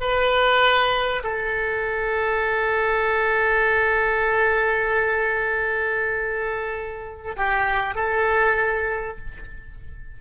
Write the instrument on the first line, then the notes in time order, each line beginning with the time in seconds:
oboe
0.00 B4
1.23 A4
7.36 G4
7.95 A4